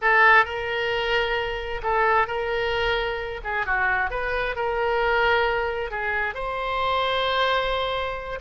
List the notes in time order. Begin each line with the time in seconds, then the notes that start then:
0.01 A4
0.45 A#4
1.83 A4
2.27 A#4
3.44 G#4
3.66 F#4
4.10 B4
4.55 A#4
5.90 G#4
6.34 C5